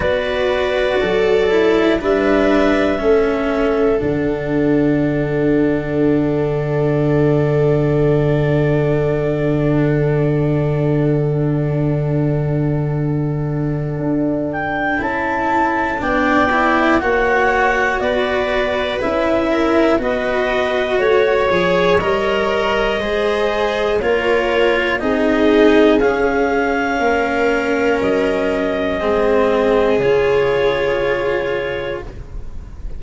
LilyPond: <<
  \new Staff \with { instrumentName = "clarinet" } { \time 4/4 \tempo 4 = 60 d''2 e''2 | fis''1~ | fis''1~ | fis''2~ fis''8 g''8 a''4 |
g''4 fis''4 d''4 e''4 | dis''4 cis''4 dis''2 | cis''4 dis''4 f''2 | dis''2 cis''2 | }
  \new Staff \with { instrumentName = "viola" } { \time 4/4 b'4 a'4 b'4 a'4~ | a'1~ | a'1~ | a'1 |
d''4 cis''4 b'4. ais'8 | b'4 cis''2 c''4 | ais'4 gis'2 ais'4~ | ais'4 gis'2. | }
  \new Staff \with { instrumentName = "cello" } { \time 4/4 fis'4. e'8 d'4 cis'4 | d'1~ | d'1~ | d'2. e'4 |
d'8 e'8 fis'2 e'4 | fis'4. gis'8 ais'4 gis'4 | f'4 dis'4 cis'2~ | cis'4 c'4 f'2 | }
  \new Staff \with { instrumentName = "tuba" } { \time 4/4 b4 fis4 g4 a4 | d1~ | d1~ | d2 d'4 cis'4 |
b4 ais4 b4 cis'4 | b4 a8 f8 g4 gis4 | ais4 c'4 cis'4 ais4 | fis4 gis4 cis2 | }
>>